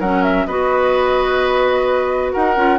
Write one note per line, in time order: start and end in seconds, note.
0.00 0.47 F#3
0.00 0.49 C#4
0.00 0.47 A#4
0.00 0.23 F#5
0.23 0.47 E5
0.47 2.34 B3
0.47 2.57 F#4
0.47 2.33 B4
0.47 2.33 D#5
2.33 2.57 D#4
2.33 2.79 A#4
2.33 2.79 F#5
2.57 2.79 C#4
2.57 2.79 F4